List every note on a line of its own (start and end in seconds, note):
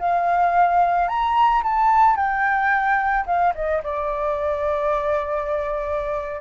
0.00 1.09 F5
1.09 1.63 A#5
1.64 2.16 A5
2.16 3.26 G5
3.27 3.54 F5
3.55 3.82 D#5
3.84 6.42 D5